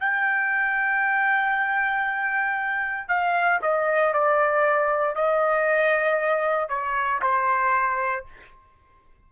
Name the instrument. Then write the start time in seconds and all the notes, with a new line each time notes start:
trumpet
0.00 G5
3.08 F5
3.62 D#5
4.13 D5
5.15 D#5
6.69 C#5
7.21 C5